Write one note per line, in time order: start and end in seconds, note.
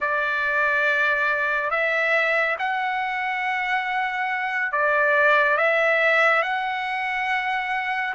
0.00 1.70 D5
1.70 2.56 E5
2.58 4.71 F#5
4.71 5.57 D5
5.57 6.42 E5
6.42 8.14 F#5